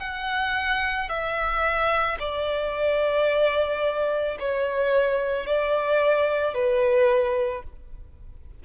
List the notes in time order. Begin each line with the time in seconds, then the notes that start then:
0.00 F#5
1.09 E5
2.20 D5
4.40 C#5
5.46 D5
6.55 B4